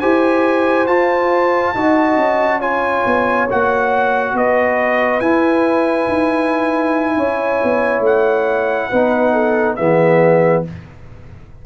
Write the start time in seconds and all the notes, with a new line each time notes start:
0.00 E4 G4 C5 G#5
0.87 F4 A5
1.75 D#4 F#4 D#5
2.16 C#4
2.59 F4 C#5 G#5
3.06 B3
3.50 A#3 F#4 F#5
4.34 B3 B4 D#5
5.20 E4 G#5
6.09 D#4
7.17 C#4 C#5
7.63 B3
8.00 A3 F#5
8.90 B3 D#4 B4
9.33 A4
9.76 E3 B3 G#4 E5